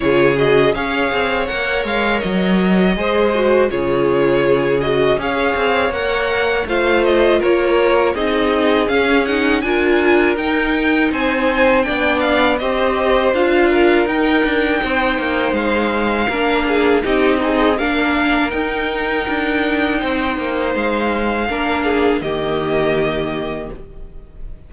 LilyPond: <<
  \new Staff \with { instrumentName = "violin" } { \time 4/4 \tempo 4 = 81 cis''8 dis''8 f''4 fis''8 f''8 dis''4~ | dis''4 cis''4. dis''8 f''4 | fis''4 f''8 dis''8 cis''4 dis''4 | f''8 fis''8 gis''4 g''4 gis''4 |
g''8 f''8 dis''4 f''4 g''4~ | g''4 f''2 dis''4 | f''4 g''2. | f''2 dis''2 | }
  \new Staff \with { instrumentName = "violin" } { \time 4/4 gis'4 cis''2. | c''4 gis'2 cis''4~ | cis''4 c''4 ais'4 gis'4~ | gis'4 ais'2 c''4 |
d''4 c''4. ais'4. | c''2 ais'8 gis'8 g'8 dis'8 | ais'2. c''4~ | c''4 ais'8 gis'8 g'2 | }
  \new Staff \with { instrumentName = "viola" } { \time 4/4 f'8 fis'8 gis'4 ais'2 | gis'8 fis'8 f'4. fis'8 gis'4 | ais'4 f'2 dis'4 | cis'8 dis'8 f'4 dis'2 |
d'4 g'4 f'4 dis'4~ | dis'2 d'4 dis'8 gis'8 | d'4 dis'2.~ | dis'4 d'4 ais2 | }
  \new Staff \with { instrumentName = "cello" } { \time 4/4 cis4 cis'8 c'8 ais8 gis8 fis4 | gis4 cis2 cis'8 c'8 | ais4 a4 ais4 c'4 | cis'4 d'4 dis'4 c'4 |
b4 c'4 d'4 dis'8 d'8 | c'8 ais8 gis4 ais4 c'4 | ais4 dis'4 d'4 c'8 ais8 | gis4 ais4 dis2 | }
>>